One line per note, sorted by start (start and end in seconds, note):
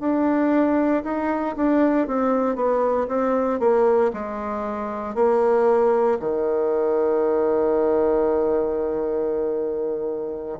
0.00 1.03 D4
1.04 1.56 D#4
1.57 2.08 D4
2.08 2.56 C4
2.56 3.08 B3
3.08 3.60 C4
3.60 4.12 A#3
4.13 5.15 G#3
5.15 6.19 A#3
6.20 10.59 D#3